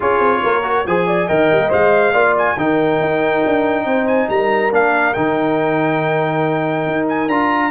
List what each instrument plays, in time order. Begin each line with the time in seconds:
0.00 tuba C#4, trombone F4, horn G#4, trumpet C#5
0.19 tuba C4
0.43 tuba A#3, horn A#4
0.63 trombone F#4
0.86 tuba F3, trombone G#4, horn C5, trumpet G#5
1.06 horn D5
1.27 tuba D#3, trombone A#4, horn D#5, trumpet G5
1.51 tuba G3
1.59 tuba A#3
1.69 tuba G#3, trombone C5, trumpet F5
2.13 tuba A#3, trombone F4, horn D5
2.37 trumpet G#5
2.56 tuba D#3, trombone D#4, horn A#4, trumpet G5
3.00 tuba D#4
3.45 tuba D4
3.85 tuba C4, horn C5
4.07 trumpet G#5
4.29 tuba G3, horn A#4, trumpet A#5
4.71 tuba A#3, trombone D4, trumpet F5
5.13 tuba D#3, trombone D#4, trumpet G5
6.86 tuba D#4
7.08 trumpet G#5
7.28 tuba D4, trombone F4, trumpet A#5